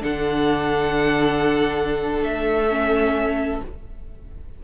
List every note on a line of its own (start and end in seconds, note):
0.00 2.21 D3
0.00 2.67 D4
0.00 3.64 A4
0.00 2.23 F#5
2.21 3.61 A3
2.21 3.62 E5
2.70 3.63 C#4